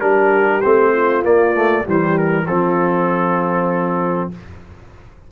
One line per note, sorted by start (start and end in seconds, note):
0.00 0.62 G3
0.00 0.62 D4
0.00 0.92 G4
0.00 0.61 A#4
0.61 1.24 A3
0.61 1.24 C4
0.61 1.22 C5
0.92 1.84 F4
1.24 1.54 A#3
1.24 1.85 A#3
1.24 1.86 D5
1.54 1.85 A3
1.84 2.46 E3
1.84 2.46 G3
1.84 2.45 G4
1.84 2.18 C5
2.18 2.46 A#4
2.46 4.30 F3
2.46 4.31 C4
2.46 4.29 F4
2.46 4.30 A4